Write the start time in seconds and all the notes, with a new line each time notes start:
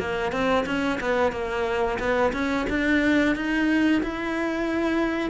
0.00 A#3
0.32 C4
0.66 C#4
1.01 B3
1.32 A#3
1.99 B3
2.33 C#4
2.70 D4
3.36 D#4
4.03 E4